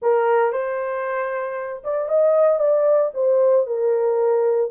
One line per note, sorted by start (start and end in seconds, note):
0.02 0.52 A#4
0.52 1.82 C5
1.84 2.08 D5
2.08 2.59 D#5
2.59 3.11 D5
3.14 3.66 C5
3.66 4.70 A#4